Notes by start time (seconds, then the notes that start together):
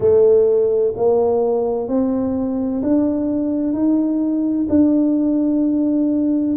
0.00 A3
0.96 A#3
1.87 C4
2.82 D4
3.73 D#4
4.69 D4